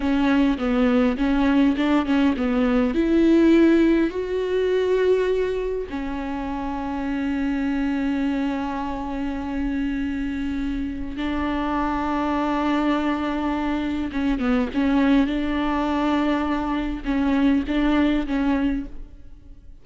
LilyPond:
\new Staff \with { instrumentName = "viola" } { \time 4/4 \tempo 4 = 102 cis'4 b4 cis'4 d'8 cis'8 | b4 e'2 fis'4~ | fis'2 cis'2~ | cis'1~ |
cis'2. d'4~ | d'1 | cis'8 b8 cis'4 d'2~ | d'4 cis'4 d'4 cis'4 | }